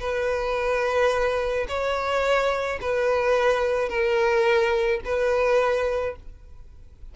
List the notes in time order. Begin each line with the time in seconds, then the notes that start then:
0.00 B4
1.68 C#5
2.81 B4
3.89 A#4
5.05 B4